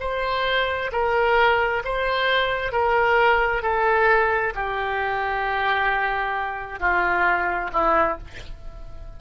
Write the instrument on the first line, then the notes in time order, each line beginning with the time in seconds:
oboe
0.00 C5
0.92 A#4
1.84 C5
2.72 A#4
3.62 A4
4.55 G4
6.80 F4
7.72 E4